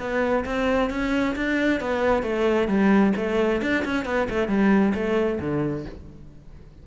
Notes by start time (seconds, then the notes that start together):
0.00 B3
0.46 C4
0.90 C#4
1.36 D4
1.81 B3
2.23 A3
2.68 G3
3.17 A3
3.62 D4
3.85 C#4
4.06 B3
4.30 A3
4.49 G3
4.95 A3
5.41 D3